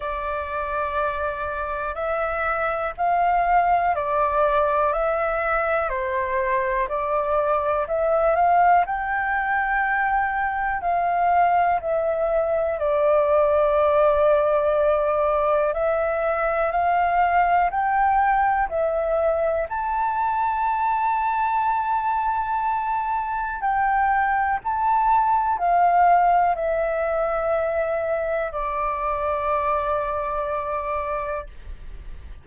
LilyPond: \new Staff \with { instrumentName = "flute" } { \time 4/4 \tempo 4 = 61 d''2 e''4 f''4 | d''4 e''4 c''4 d''4 | e''8 f''8 g''2 f''4 | e''4 d''2. |
e''4 f''4 g''4 e''4 | a''1 | g''4 a''4 f''4 e''4~ | e''4 d''2. | }